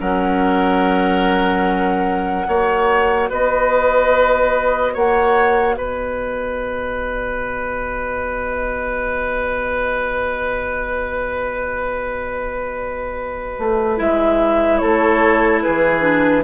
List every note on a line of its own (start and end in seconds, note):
0.00 2.47 F#3
0.00 2.46 C#4
0.00 2.47 A#4
0.00 3.30 F#5
2.46 3.30 A#3
2.46 13.96 F#4
2.46 3.29 C#5
3.29 4.95 B3
3.29 4.93 B4
3.29 4.94 D#5
4.93 5.76 A#3
4.93 5.75 C#5
4.93 5.75 F#5
5.75 13.57 B3
5.75 14.81 B4
5.75 13.97 D#5
13.58 13.99 A3
13.96 14.81 G#3
13.96 16.01 E4
13.96 14.78 E5
14.78 15.64 A3
14.78 15.63 A4
14.78 15.60 C#5
15.61 16.44 E3
15.61 16.44 G#4
15.61 16.44 B4
16.01 16.42 D4